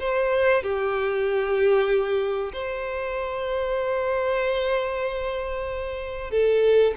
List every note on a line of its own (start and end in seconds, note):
0.00 0.63 C5
0.63 2.52 G4
2.53 6.31 C5
6.31 6.94 A4